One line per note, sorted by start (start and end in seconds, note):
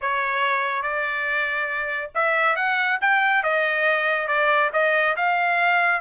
0.01 0.82 C#5
0.82 2.11 D5
2.14 2.56 E5
2.56 2.98 F#5
3.01 3.43 G5
3.43 4.27 D#5
4.27 4.70 D5
4.73 5.15 D#5
5.16 6.00 F5